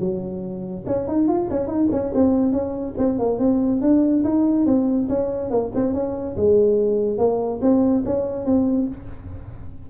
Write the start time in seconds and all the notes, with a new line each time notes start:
0.00 F#3
0.87 C#4
1.08 D#4
1.28 F4
1.51 C#4
1.67 D#4
1.92 C#4
2.14 C4
2.52 C#4
2.98 C4
3.19 A#3
3.39 C4
3.81 D4
4.24 D#4
4.66 C4
5.09 C#4
5.50 A#3
5.75 C4
5.94 C#4
6.37 G#3
7.18 A#3
7.62 C4
8.06 C#4
8.46 C4